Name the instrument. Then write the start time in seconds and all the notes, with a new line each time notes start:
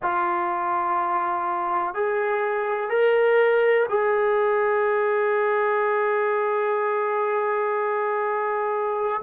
trombone
0.02 F4
1.94 G#4
2.89 A#4
3.89 G#4